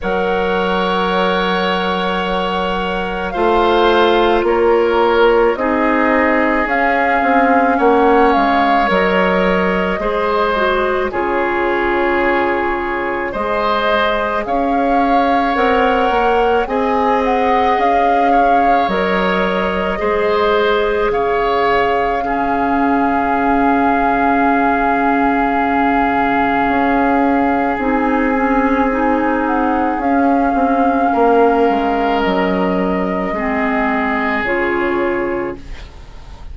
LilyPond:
<<
  \new Staff \with { instrumentName = "flute" } { \time 4/4 \tempo 4 = 54 fis''2. f''4 | cis''4 dis''4 f''4 fis''8 f''8 | dis''2 cis''2 | dis''4 f''4 fis''4 gis''8 fis''8 |
f''4 dis''2 f''4~ | f''1~ | f''4 gis''4. fis''8 f''4~ | f''4 dis''2 cis''4 | }
  \new Staff \with { instrumentName = "oboe" } { \time 4/4 cis''2. c''4 | ais'4 gis'2 cis''4~ | cis''4 c''4 gis'2 | c''4 cis''2 dis''4~ |
dis''8 cis''4. c''4 cis''4 | gis'1~ | gis'1 | ais'2 gis'2 | }
  \new Staff \with { instrumentName = "clarinet" } { \time 4/4 ais'2. f'4~ | f'4 dis'4 cis'2 | ais'4 gis'8 fis'8 f'2 | gis'2 ais'4 gis'4~ |
gis'4 ais'4 gis'2 | cis'1~ | cis'4 dis'8 cis'8 dis'4 cis'4~ | cis'2 c'4 f'4 | }
  \new Staff \with { instrumentName = "bassoon" } { \time 4/4 fis2. a4 | ais4 c'4 cis'8 c'8 ais8 gis8 | fis4 gis4 cis2 | gis4 cis'4 c'8 ais8 c'4 |
cis'4 fis4 gis4 cis4~ | cis1 | cis'4 c'2 cis'8 c'8 | ais8 gis8 fis4 gis4 cis4 | }
>>